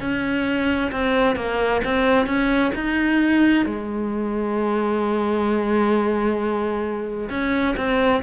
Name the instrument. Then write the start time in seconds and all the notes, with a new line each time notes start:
cello
0.00 C#4
0.91 C4
1.36 A#3
1.84 C4
2.26 C#4
2.75 D#4
3.65 G#3
7.29 C#4
7.77 C4